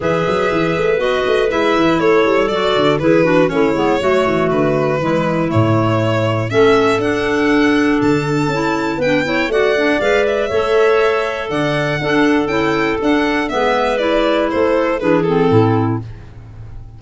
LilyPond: <<
  \new Staff \with { instrumentName = "violin" } { \time 4/4 \tempo 4 = 120 e''2 dis''4 e''4 | cis''4 d''4 b'4 cis''4~ | cis''4 b'2 cis''4~ | cis''4 e''4 fis''2 |
a''2 g''4 fis''4 | f''8 e''2~ e''8 fis''4~ | fis''4 g''4 fis''4 e''4 | d''4 c''4 b'8 a'4. | }
  \new Staff \with { instrumentName = "clarinet" } { \time 4/4 b'1 | a'2 gis'8 fis'8 e'4 | fis'2 e'2~ | e'4 a'2.~ |
a'2 b'8 cis''8 d''4~ | d''4 cis''2 d''4 | a'2. b'4~ | b'4 a'4 gis'4 e'4 | }
  \new Staff \with { instrumentName = "clarinet" } { \time 4/4 gis'2 fis'4 e'4~ | e'4 fis'4 e'8 d'8 cis'8 b8 | a2 gis4 a4~ | a4 cis'4 d'2~ |
d'4 e'4 d'8 e'8 fis'8 d'8 | b'4 a'2. | d'4 e'4 d'4 b4 | e'2 d'8 c'4. | }
  \new Staff \with { instrumentName = "tuba" } { \time 4/4 e8 fis8 e8 a8 b8 a8 gis8 e8 | a8 g8 fis8 d8 e4 a8 gis8 | fis8 e8 d4 e4 a,4~ | a,4 a4 d'2 |
d4 cis'4 b4 a4 | gis4 a2 d4 | d'4 cis'4 d'4 gis4~ | gis4 a4 e4 a,4 | }
>>